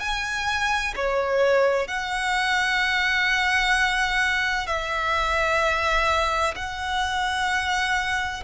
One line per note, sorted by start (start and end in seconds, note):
0.00 0.94 G#5
0.95 1.87 C#5
1.87 4.67 F#5
4.67 6.54 E5
6.55 8.43 F#5